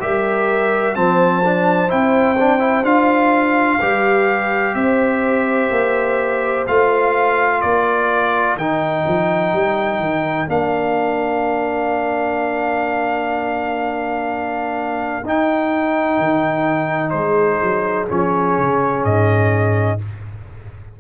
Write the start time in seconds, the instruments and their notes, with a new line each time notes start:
0.00 tuba G3, trombone G4, horn A#4, trumpet E5
0.95 tuba F3, trombone C4, horn C5, trumpet A5
1.44 trombone D4
1.88 tuba C4, trombone E4, trumpet G5
2.39 trombone D4
2.60 trombone E4
2.84 tuba D4, trombone F4, trumpet F5
3.80 tuba G3, trombone G4, horn B4
4.75 tuba C4, horn C5, trumpet E5
5.70 tuba A#3
6.67 tuba A3, trombone F4, trumpet F5
7.60 tuba A#3, horn A#4, trumpet D5
8.57 tuba D#3, trombone D#4, trumpet G5
9.07 tuba F3
9.53 tuba G3
9.99 tuba D#3
10.47 tuba A#3, trombone D4, trumpet F5
15.23 tuba D#4, trombone D#4, trumpet G5
16.18 tuba D#3
17.10 tuba G#3, horn G#4, trumpet C5
17.62 tuba F#3
18.08 tuba F3, trombone C#4, trumpet C#5
18.58 tuba C#3
19.05 tuba G#2, trumpet D#5